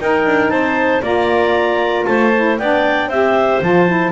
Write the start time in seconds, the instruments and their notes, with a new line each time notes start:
0.00 double bass D#4, saxophone D#4, clarinet A#4 G5
0.26 double bass D4
0.49 double bass C4, clarinet C5 A5
1.02 double bass A#3, saxophone F4, clarinet D5 A#5
2.04 double bass A3, clarinet C5 A5
2.34 saxophone E4
2.58 double bass B3, saxophone D4, clarinet D5 G5
3.08 double bass C4, saxophone G4, clarinet C5 E5
3.61 double bass F3, saxophone F4, clarinet A5
3.87 saxophone E4